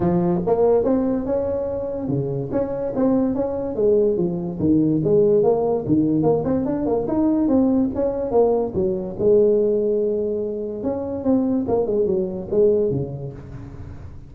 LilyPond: \new Staff \with { instrumentName = "tuba" } { \time 4/4 \tempo 4 = 144 f4 ais4 c'4 cis'4~ | cis'4 cis4 cis'4 c'4 | cis'4 gis4 f4 dis4 | gis4 ais4 dis4 ais8 c'8 |
d'8 ais8 dis'4 c'4 cis'4 | ais4 fis4 gis2~ | gis2 cis'4 c'4 | ais8 gis8 fis4 gis4 cis4 | }